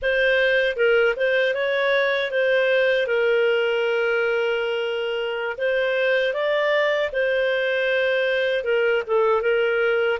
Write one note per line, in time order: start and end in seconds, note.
0.02 0.76 C5
0.76 1.14 A#4
1.16 1.54 C5
1.54 2.31 C#5
2.31 3.06 C5
3.06 5.56 A#4
5.57 6.33 C5
6.33 7.10 D5
7.12 8.64 C5
8.64 9.02 A#4
9.06 9.41 A4
9.41 10.18 A#4